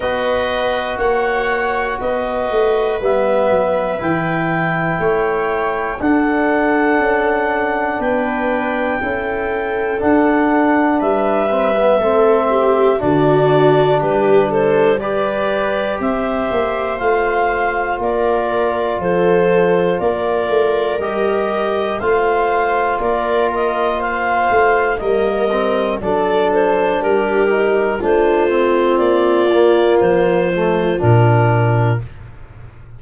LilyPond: <<
  \new Staff \with { instrumentName = "clarinet" } { \time 4/4 \tempo 4 = 60 dis''4 fis''4 dis''4 e''4 | g''2 fis''2 | g''2 fis''4 e''4~ | e''4 d''4 b'8 c''8 d''4 |
e''4 f''4 d''4 c''4 | d''4 dis''4 f''4 d''8 dis''8 | f''4 dis''4 d''8 c''8 ais'4 | c''4 d''4 c''4 ais'4 | }
  \new Staff \with { instrumentName = "viola" } { \time 4/4 b'4 cis''4 b'2~ | b'4 cis''4 a'2 | b'4 a'2 b'4 | a'8 g'8 fis'4 g'8 a'8 b'4 |
c''2 ais'4 a'4 | ais'2 c''4 ais'4 | c''4 ais'4 a'4 g'4 | f'1 | }
  \new Staff \with { instrumentName = "trombone" } { \time 4/4 fis'2. b4 | e'2 d'2~ | d'4 e'4 d'4. c'16 b16 | c'4 d'2 g'4~ |
g'4 f'2.~ | f'4 g'4 f'2~ | f'4 ais8 c'8 d'4. dis'8 | d'8 c'4 ais4 a8 d'4 | }
  \new Staff \with { instrumentName = "tuba" } { \time 4/4 b4 ais4 b8 a8 g8 fis8 | e4 a4 d'4 cis'4 | b4 cis'4 d'4 g4 | a4 d4 g2 |
c'8 ais8 a4 ais4 f4 | ais8 a8 g4 a4 ais4~ | ais8 a8 g4 fis4 g4 | a4 ais4 f4 ais,4 | }
>>